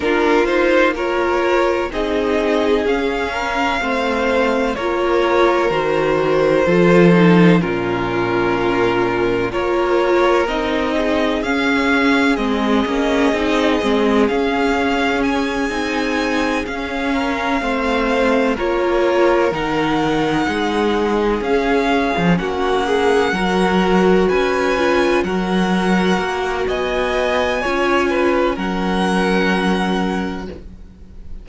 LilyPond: <<
  \new Staff \with { instrumentName = "violin" } { \time 4/4 \tempo 4 = 63 ais'8 c''8 cis''4 dis''4 f''4~ | f''4 cis''4 c''2 | ais'2 cis''4 dis''4 | f''4 dis''2 f''4 |
gis''4. f''2 cis''8~ | cis''8 fis''2 f''4 fis''8~ | fis''4. gis''4 fis''4. | gis''2 fis''2 | }
  \new Staff \with { instrumentName = "violin" } { \time 4/4 f'4 ais'4 gis'4. ais'8 | c''4 ais'2 a'4 | f'2 ais'4. gis'8~ | gis'1~ |
gis'2 ais'8 c''4 ais'8~ | ais'4. gis'2 fis'8 | gis'8 ais'4 b'4 ais'4. | dis''4 cis''8 b'8 ais'2 | }
  \new Staff \with { instrumentName = "viola" } { \time 4/4 d'8 dis'8 f'4 dis'4 cis'4 | c'4 f'4 fis'4 f'8 dis'8 | cis'2 f'4 dis'4 | cis'4 c'8 cis'8 dis'8 c'8 cis'4~ |
cis'8 dis'4 cis'4 c'4 f'8~ | f'8 dis'2 cis'4.~ | cis'8 fis'4. f'8 fis'4.~ | fis'4 f'4 cis'2 | }
  \new Staff \with { instrumentName = "cello" } { \time 4/4 ais2 c'4 cis'4 | a4 ais4 dis4 f4 | ais,2 ais4 c'4 | cis'4 gis8 ais8 c'8 gis8 cis'4~ |
cis'8 c'4 cis'4 a4 ais8~ | ais8 dis4 gis4 cis'8. f16 ais8~ | ais8 fis4 cis'4 fis4 ais8 | b4 cis'4 fis2 | }
>>